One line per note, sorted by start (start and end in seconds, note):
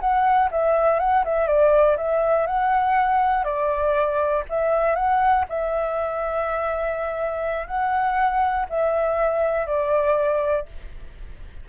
0.00 0.50 F#5
0.51 0.99 E5
0.99 1.24 F#5
1.24 1.47 E5
1.47 1.96 D5
1.97 2.46 E5
2.46 3.44 F#5
3.44 4.43 D5
4.49 4.95 E5
4.95 5.45 F#5
5.49 7.67 E5
7.67 8.66 F#5
8.69 9.66 E5
9.66 10.65 D5